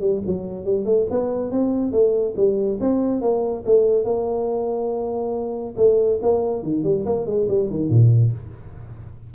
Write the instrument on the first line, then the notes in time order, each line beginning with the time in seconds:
tuba
0.00 G3
0.26 F#3
0.64 G3
0.85 A3
1.10 B3
1.51 C4
1.91 A3
2.36 G3
2.80 C4
3.21 A#3
3.65 A3
4.04 A#3
5.77 A3
6.21 A#3
6.62 D#3
6.83 G3
7.05 A#3
7.26 G#3
7.48 G3
7.70 D#3
7.89 A#2